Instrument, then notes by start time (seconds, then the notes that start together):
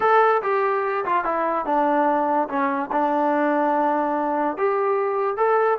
trombone
0.00 A4
0.42 G4
1.05 F4
1.24 E4
1.65 D4
2.48 C#4
2.92 D4
4.57 G4
5.37 A4